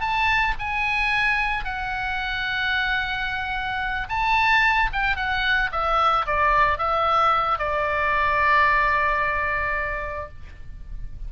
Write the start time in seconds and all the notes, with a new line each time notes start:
0.00 A5
0.59 G#5
1.64 F#5
4.09 A5
4.93 G5
5.16 F#5
5.71 E5
6.26 D5
6.78 E5
7.58 D5